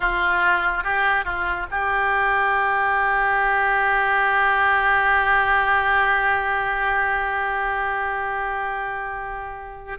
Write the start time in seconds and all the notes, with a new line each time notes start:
0.00 F4
0.83 G4
1.25 F4
1.70 G4